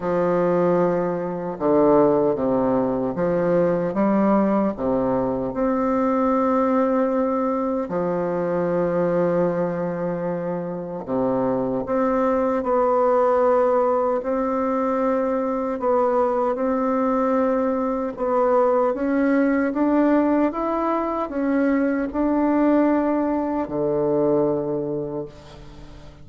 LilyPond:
\new Staff \with { instrumentName = "bassoon" } { \time 4/4 \tempo 4 = 76 f2 d4 c4 | f4 g4 c4 c'4~ | c'2 f2~ | f2 c4 c'4 |
b2 c'2 | b4 c'2 b4 | cis'4 d'4 e'4 cis'4 | d'2 d2 | }